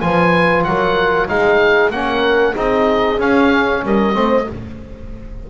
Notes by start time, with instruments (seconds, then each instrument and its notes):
0.00 double bass F3, trombone F4, horn B4, oboe G#5
0.63 double bass F#3, horn A#4, oboe F#5
1.28 double bass G#3, trombone D#4, horn G#4, oboe F5
1.90 double bass A#3, trombone C#4, horn A#4, oboe F#5
2.54 double bass C4, trombone D#4, horn G#4, oboe D#5
3.17 trombone C#4, double bass C#4, oboe F5
3.83 double bass G3, horn A#4, oboe D#5
4.13 double bass A3, trombone C4, horn C5